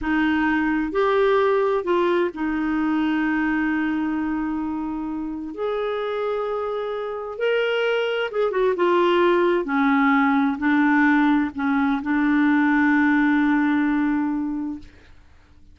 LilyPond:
\new Staff \with { instrumentName = "clarinet" } { \time 4/4 \tempo 4 = 130 dis'2 g'2 | f'4 dis'2.~ | dis'1 | gis'1 |
ais'2 gis'8 fis'8 f'4~ | f'4 cis'2 d'4~ | d'4 cis'4 d'2~ | d'1 | }